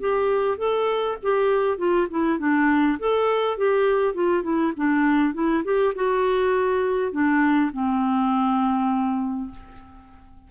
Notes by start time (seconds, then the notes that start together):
0.00 G4
0.58 A4
1.23 G4
1.78 F4
2.10 E4
2.39 D4
2.99 A4
3.58 G4
4.14 F4
4.43 E4
4.77 D4
5.34 E4
5.64 G4
5.95 F#4
7.12 D4
7.73 C4